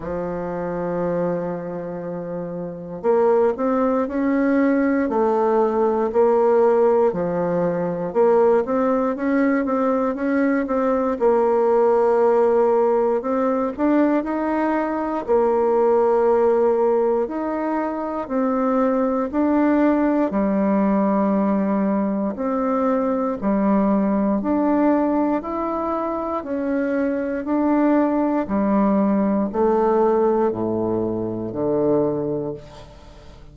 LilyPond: \new Staff \with { instrumentName = "bassoon" } { \time 4/4 \tempo 4 = 59 f2. ais8 c'8 | cis'4 a4 ais4 f4 | ais8 c'8 cis'8 c'8 cis'8 c'8 ais4~ | ais4 c'8 d'8 dis'4 ais4~ |
ais4 dis'4 c'4 d'4 | g2 c'4 g4 | d'4 e'4 cis'4 d'4 | g4 a4 a,4 d4 | }